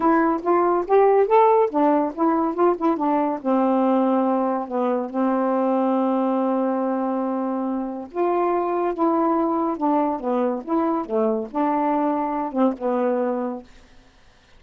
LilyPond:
\new Staff \with { instrumentName = "saxophone" } { \time 4/4 \tempo 4 = 141 e'4 f'4 g'4 a'4 | d'4 e'4 f'8 e'8 d'4 | c'2. b4 | c'1~ |
c'2. f'4~ | f'4 e'2 d'4 | b4 e'4 a4 d'4~ | d'4. c'8 b2 | }